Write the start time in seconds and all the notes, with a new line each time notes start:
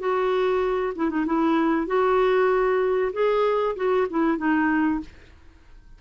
0.00 F#4
0.96 E4
1.10 D#4
1.26 E4
1.87 F#4
3.13 G#4
3.76 F#4
4.11 E4
4.38 D#4